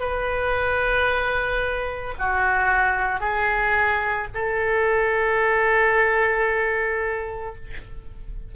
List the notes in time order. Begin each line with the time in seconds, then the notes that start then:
0.00 B4
2.19 F#4
3.21 G#4
4.34 A4